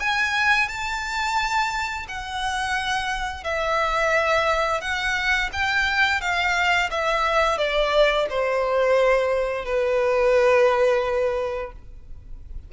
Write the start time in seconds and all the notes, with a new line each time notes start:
0.00 G#5
0.68 A5
2.08 F#5
3.44 E5
4.81 F#5
5.53 G5
6.21 F5
6.91 E5
7.58 D5
8.30 C5
9.65 B4